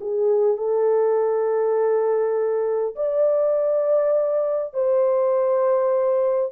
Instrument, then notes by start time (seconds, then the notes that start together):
horn
0.00 G#4
0.57 A4
2.95 D5
4.73 C5